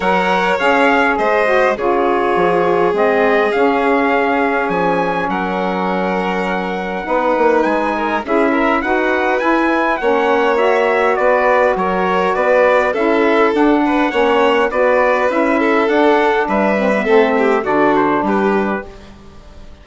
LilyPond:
<<
  \new Staff \with { instrumentName = "trumpet" } { \time 4/4 \tempo 4 = 102 fis''4 f''4 dis''4 cis''4~ | cis''4 dis''4 f''2 | gis''4 fis''2.~ | fis''4 gis''4 e''4 fis''4 |
gis''4 fis''4 e''4 d''4 | cis''4 d''4 e''4 fis''4~ | fis''4 d''4 e''4 fis''4 | e''2 d''8 c''8 b'4 | }
  \new Staff \with { instrumentName = "violin" } { \time 4/4 cis''2 c''4 gis'4~ | gis'1~ | gis'4 ais'2. | b'4. ais'8 gis'8 ais'8 b'4~ |
b'4 cis''2 b'4 | ais'4 b'4 a'4. b'8 | cis''4 b'4. a'4. | b'4 a'8 g'8 fis'4 g'4 | }
  \new Staff \with { instrumentName = "saxophone" } { \time 4/4 ais'4 gis'4. fis'8 f'4~ | f'4 c'4 cis'2~ | cis'1 | dis'2 e'4 fis'4 |
e'4 cis'4 fis'2~ | fis'2 e'4 d'4 | cis'4 fis'4 e'4 d'4~ | d'8 c'16 b16 c'4 d'2 | }
  \new Staff \with { instrumentName = "bassoon" } { \time 4/4 fis4 cis'4 gis4 cis4 | f4 gis4 cis'2 | f4 fis2. | b8 ais8 gis4 cis'4 dis'4 |
e'4 ais2 b4 | fis4 b4 cis'4 d'4 | ais4 b4 cis'4 d'4 | g4 a4 d4 g4 | }
>>